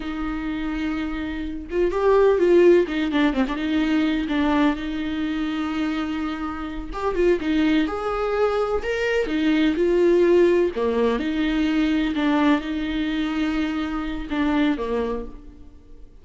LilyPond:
\new Staff \with { instrumentName = "viola" } { \time 4/4 \tempo 4 = 126 dis'2.~ dis'8 f'8 | g'4 f'4 dis'8 d'8 c'16 d'16 dis'8~ | dis'4 d'4 dis'2~ | dis'2~ dis'8 g'8 f'8 dis'8~ |
dis'8 gis'2 ais'4 dis'8~ | dis'8 f'2 ais4 dis'8~ | dis'4. d'4 dis'4.~ | dis'2 d'4 ais4 | }